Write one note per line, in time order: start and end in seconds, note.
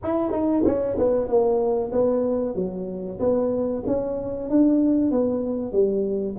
0.03 0.31 E4
0.31 0.63 D#4
0.65 0.97 C#4
0.98 1.27 B3
1.27 1.91 A#3
1.91 2.55 B3
2.55 3.19 F#3
3.19 3.83 B3
3.86 4.49 C#4
4.49 5.11 D4
5.11 5.72 B3
5.72 6.36 G3